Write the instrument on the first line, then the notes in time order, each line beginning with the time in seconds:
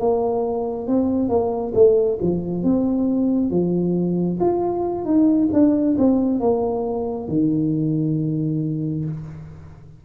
tuba
0.00 A#3
0.88 C4
1.29 A#3
1.75 A3
2.22 F3
2.64 C4
3.51 F3
4.40 F4
5.05 D#4
5.53 D4
5.98 C4
6.41 A#3
7.29 D#3